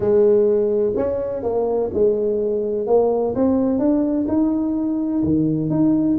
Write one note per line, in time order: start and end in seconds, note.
0.00 0.93 G#3
0.95 1.42 C#4
1.42 1.90 A#3
1.93 2.86 G#3
2.86 3.34 A#3
3.35 3.79 C4
3.79 4.26 D4
4.27 5.23 D#4
5.23 5.70 D#3
5.70 6.17 D#4